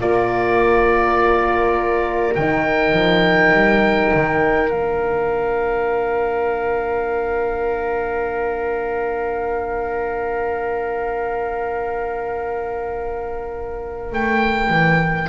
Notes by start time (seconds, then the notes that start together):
0.00 A#3 F4 A#4 D5
2.35 D#3 D#4 G5
2.93 F3
3.53 G3
4.14 D#3
4.71 A#3 D4 F5
14.13 A3 G5
14.69 E3